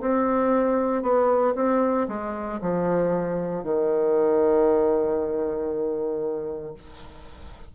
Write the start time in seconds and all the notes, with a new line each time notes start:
0.00 C4
1.02 B3
1.55 C4
2.07 G#3
2.61 F3
3.63 D#3